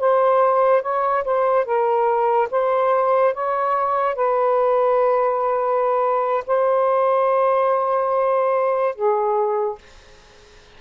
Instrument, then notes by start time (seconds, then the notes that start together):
saxophone
0.00 C5
0.82 C#5
1.25 C5
1.65 A#4
2.51 C5
3.34 C#5
4.15 B4
6.47 C5
8.95 G#4